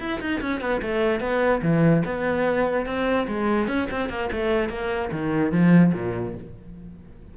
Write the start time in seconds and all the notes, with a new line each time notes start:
0.00 E4
0.21 D#4
0.42 C#4
0.61 B3
0.82 A3
1.21 B3
1.63 E3
2.05 B3
2.86 C4
3.28 G#3
3.68 C#4
3.91 C4
4.10 A#3
4.32 A3
4.70 A#3
5.12 D#3
5.52 F3
5.94 A#2